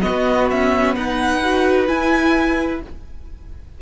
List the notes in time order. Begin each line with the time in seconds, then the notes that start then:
0.00 B3 F#4 D#5
0.09 B3
0.50 C#4 E5
0.95 D#4 B4 F#5
1.43 F#4
1.87 E4 G#5